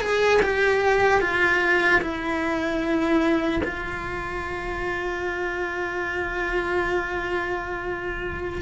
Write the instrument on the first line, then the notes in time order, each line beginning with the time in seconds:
cello
0.00 G#4
0.42 G4
1.21 F4
2.01 E4
3.63 F4